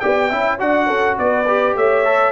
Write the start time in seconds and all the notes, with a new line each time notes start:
0.00 B3 G4 D5 G5
0.30 C#4 E4 E5
0.59 D4 F#4 D5 F#5
0.87 C#4 A4
1.19 B3 B4 D5
1.48 G4
1.75 A3 C#5 E5
2.05 A4